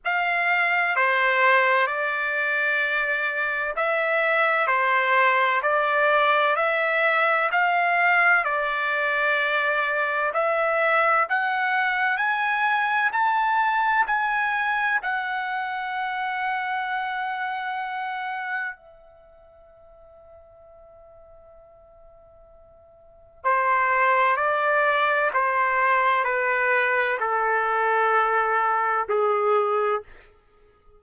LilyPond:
\new Staff \with { instrumentName = "trumpet" } { \time 4/4 \tempo 4 = 64 f''4 c''4 d''2 | e''4 c''4 d''4 e''4 | f''4 d''2 e''4 | fis''4 gis''4 a''4 gis''4 |
fis''1 | e''1~ | e''4 c''4 d''4 c''4 | b'4 a'2 gis'4 | }